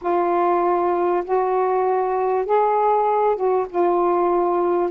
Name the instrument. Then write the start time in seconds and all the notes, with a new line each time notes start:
saxophone
0.01 F4
1.24 F#4
2.45 G#4
3.35 F#4
3.69 F4